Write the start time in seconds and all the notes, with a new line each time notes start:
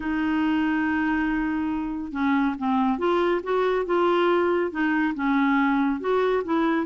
0.00 D#4
2.12 C#4
2.58 C4
2.98 F4
3.43 F#4
3.85 F4
4.71 D#4
5.14 C#4
6.00 F#4
6.44 E4